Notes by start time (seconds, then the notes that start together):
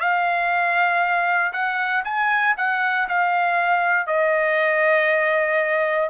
0.00 F5
1.53 F#5
2.05 G#5
2.57 F#5
3.09 F5
4.07 D#5